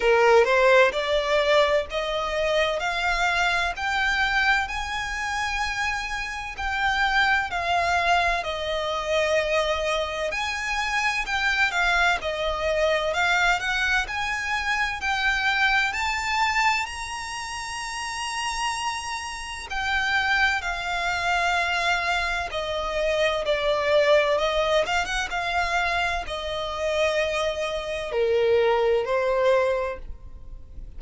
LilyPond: \new Staff \with { instrumentName = "violin" } { \time 4/4 \tempo 4 = 64 ais'8 c''8 d''4 dis''4 f''4 | g''4 gis''2 g''4 | f''4 dis''2 gis''4 | g''8 f''8 dis''4 f''8 fis''8 gis''4 |
g''4 a''4 ais''2~ | ais''4 g''4 f''2 | dis''4 d''4 dis''8 f''16 fis''16 f''4 | dis''2 ais'4 c''4 | }